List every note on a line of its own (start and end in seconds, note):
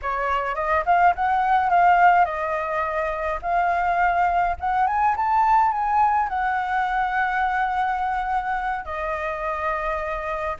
0.02 0.55 C#5
0.55 0.84 D#5
0.85 1.14 F5
1.15 1.70 F#5
1.70 2.25 F5
2.25 3.39 D#5
3.42 4.56 F5
4.60 4.86 F#5
4.86 5.15 G#5
5.16 5.71 A5
5.71 6.28 G#5
6.28 8.85 F#5
8.85 10.56 D#5